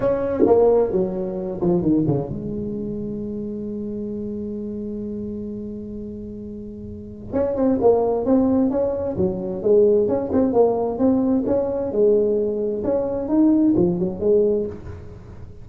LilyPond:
\new Staff \with { instrumentName = "tuba" } { \time 4/4 \tempo 4 = 131 cis'4 ais4 fis4. f8 | dis8 cis8 gis2.~ | gis1~ | gis1 |
cis'8 c'8 ais4 c'4 cis'4 | fis4 gis4 cis'8 c'8 ais4 | c'4 cis'4 gis2 | cis'4 dis'4 f8 fis8 gis4 | }